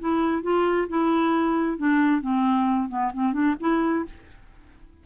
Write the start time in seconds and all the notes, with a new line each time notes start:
0.00 E4
0.43 F4
0.89 E4
1.78 D4
2.21 C4
2.89 B3
3.14 C4
3.33 D4
3.60 E4